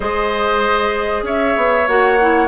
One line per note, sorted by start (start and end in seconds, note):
0.00 1.22 G#3
0.00 1.84 G#4
0.00 1.24 C5
0.00 1.25 D#5
1.22 1.54 C#4
1.22 2.48 C#5
1.22 1.87 E5
1.56 1.88 B3
1.87 2.48 A#3
1.87 2.18 F#4
1.87 2.48 F#5
2.21 2.48 E4